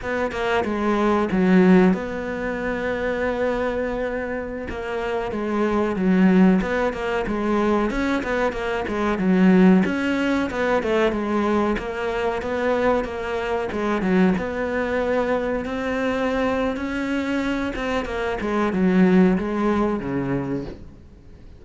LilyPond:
\new Staff \with { instrumentName = "cello" } { \time 4/4 \tempo 4 = 93 b8 ais8 gis4 fis4 b4~ | b2.~ b16 ais8.~ | ais16 gis4 fis4 b8 ais8 gis8.~ | gis16 cis'8 b8 ais8 gis8 fis4 cis'8.~ |
cis'16 b8 a8 gis4 ais4 b8.~ | b16 ais4 gis8 fis8 b4.~ b16~ | b16 c'4.~ c'16 cis'4. c'8 | ais8 gis8 fis4 gis4 cis4 | }